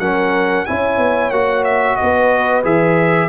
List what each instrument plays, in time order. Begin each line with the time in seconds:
0.00 tuba F#3, trombone C#4, horn A#4, trumpet F#5
0.66 tuba C#4, trombone E4, horn C#5, trumpet G#5
0.98 tuba B3
1.31 tuba A#3, trombone F#4, trumpet F#5
1.64 trumpet E5
1.97 tuba B3, horn B4, trumpet D#5
2.64 tuba E3, trombone G#4, trumpet E5